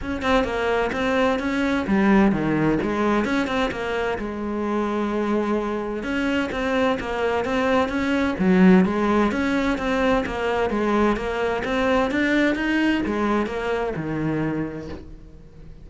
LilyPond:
\new Staff \with { instrumentName = "cello" } { \time 4/4 \tempo 4 = 129 cis'8 c'8 ais4 c'4 cis'4 | g4 dis4 gis4 cis'8 c'8 | ais4 gis2.~ | gis4 cis'4 c'4 ais4 |
c'4 cis'4 fis4 gis4 | cis'4 c'4 ais4 gis4 | ais4 c'4 d'4 dis'4 | gis4 ais4 dis2 | }